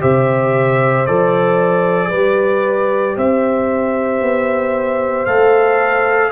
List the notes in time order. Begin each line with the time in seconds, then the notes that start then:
0.00 C3 G4 C5 E5
1.06 F3 A4 D5
2.09 G3 G4 B4
3.17 C4 C5 E5
4.21 B3
5.26 A3 A4 F5